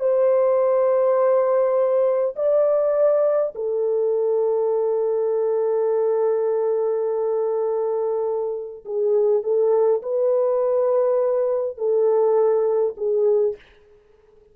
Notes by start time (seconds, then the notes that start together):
0.00 C5
2.36 D5
3.55 A4
8.85 G#4
9.43 A4
10.02 B4
11.78 A4
12.97 G#4